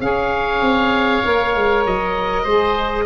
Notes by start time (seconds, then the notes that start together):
0.00 C#4 G#4 C#5 F5
0.61 C4
1.25 A#3 A#4
1.55 G#3
1.86 F#3 D#5
2.43 G#3 G#4 C5